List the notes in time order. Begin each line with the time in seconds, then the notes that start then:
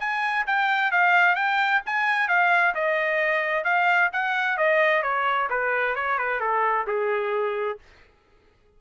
0.00 G#5
0.47 G5
0.92 F5
1.36 G5
1.86 G#5
2.29 F5
2.75 D#5
3.65 F5
4.13 F#5
4.58 D#5
5.03 C#5
5.50 B4
5.96 C#5
6.19 B4
6.41 A4
6.87 G#4